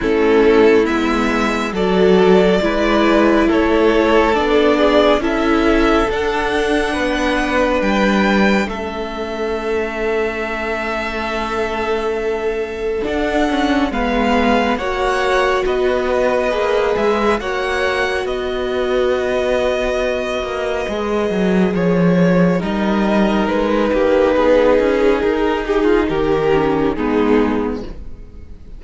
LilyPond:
<<
  \new Staff \with { instrumentName = "violin" } { \time 4/4 \tempo 4 = 69 a'4 e''4 d''2 | cis''4 d''4 e''4 fis''4~ | fis''4 g''4 e''2~ | e''2. fis''4 |
f''4 fis''4 dis''4. e''8 | fis''4 dis''2.~ | dis''4 cis''4 dis''4 b'4~ | b'4 ais'8 gis'8 ais'4 gis'4 | }
  \new Staff \with { instrumentName = "violin" } { \time 4/4 e'2 a'4 b'4 | a'4. gis'8 a'2 | b'2 a'2~ | a'1 |
b'4 cis''4 b'2 | cis''4 b'2.~ | b'2 ais'4. g'8 | gis'4. g'16 f'16 g'4 dis'4 | }
  \new Staff \with { instrumentName = "viola" } { \time 4/4 cis'4 b4 fis'4 e'4~ | e'4 d'4 e'4 d'4~ | d'2 cis'2~ | cis'2. d'8 cis'8 |
b4 fis'2 gis'4 | fis'1 | gis'2 dis'2~ | dis'2~ dis'8 cis'8 b4 | }
  \new Staff \with { instrumentName = "cello" } { \time 4/4 a4 gis4 fis4 gis4 | a4 b4 cis'4 d'4 | b4 g4 a2~ | a2. d'4 |
gis4 ais4 b4 ais8 gis8 | ais4 b2~ b8 ais8 | gis8 fis8 f4 g4 gis8 ais8 | b8 cis'8 dis'4 dis4 gis4 | }
>>